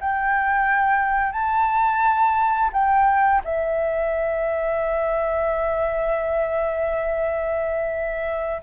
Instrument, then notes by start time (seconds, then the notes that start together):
flute
0.00 G5
1.32 A5
2.72 G5
3.44 E5